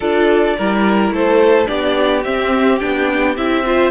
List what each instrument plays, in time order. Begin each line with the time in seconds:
0.00 cello D4, viola F4, violin A4 D5
0.57 cello G3, viola E4, violin A#4
1.11 cello A3, violin A4 C5
1.66 cello B3, viola D4, violin G4 D5
2.23 viola C4, cello C4, violin E5
2.79 cello B3, viola D4, violin G5
3.37 cello C4, viola E4, violin E5
3.65 viola F4, violin C5